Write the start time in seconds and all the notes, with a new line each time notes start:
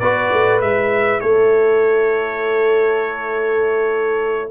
0.00 B3 F#4 B4 D5
0.32 A3
0.61 G#3 E4 E5
1.21 A3 A4 C#5